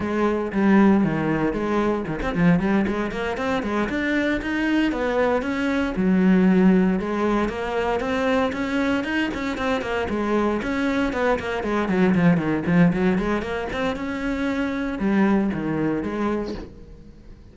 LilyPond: \new Staff \with { instrumentName = "cello" } { \time 4/4 \tempo 4 = 116 gis4 g4 dis4 gis4 | dis16 c'16 f8 g8 gis8 ais8 c'8 gis8 d'8~ | d'8 dis'4 b4 cis'4 fis8~ | fis4. gis4 ais4 c'8~ |
c'8 cis'4 dis'8 cis'8 c'8 ais8 gis8~ | gis8 cis'4 b8 ais8 gis8 fis8 f8 | dis8 f8 fis8 gis8 ais8 c'8 cis'4~ | cis'4 g4 dis4 gis4 | }